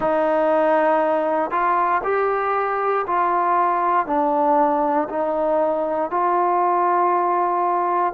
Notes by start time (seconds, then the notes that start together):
0.00 D#4
1.50 F4
2.03 G4
3.06 F4
4.06 D4
5.09 D#4
6.10 F4